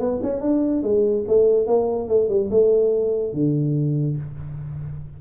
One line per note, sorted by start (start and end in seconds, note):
0.00 0.21 B3
0.23 0.41 C#4
0.41 0.83 D4
0.83 1.25 G#3
1.28 1.67 A3
1.67 2.09 A#3
2.09 2.29 A3
2.29 2.50 G3
2.51 3.34 A3
3.34 4.17 D3